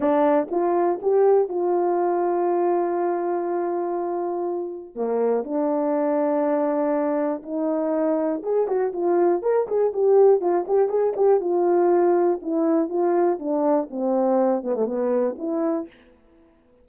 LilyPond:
\new Staff \with { instrumentName = "horn" } { \time 4/4 \tempo 4 = 121 d'4 f'4 g'4 f'4~ | f'1~ | f'2 ais4 d'4~ | d'2. dis'4~ |
dis'4 gis'8 fis'8 f'4 ais'8 gis'8 | g'4 f'8 g'8 gis'8 g'8 f'4~ | f'4 e'4 f'4 d'4 | c'4. b16 a16 b4 e'4 | }